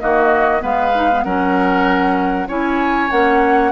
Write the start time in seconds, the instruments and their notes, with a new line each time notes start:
0.00 bassoon D#3, clarinet A#3, oboe F#4, flute D#5
0.60 bassoon G#3, clarinet B3, oboe B4, flute F5
0.95 clarinet D#4
1.12 clarinet B3
1.24 bassoon F#3, clarinet C#4, oboe A#4, flute F#5
2.48 bassoon C#4, clarinet E4, oboe C#5, flute G#5
3.11 bassoon A#3, clarinet C#4, flute F#5